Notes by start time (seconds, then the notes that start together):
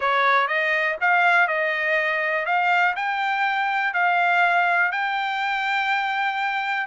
0.00 C#5
0.47 D#5
1.00 F5
1.47 D#5
2.45 F5
2.96 G5
3.93 F5
4.91 G5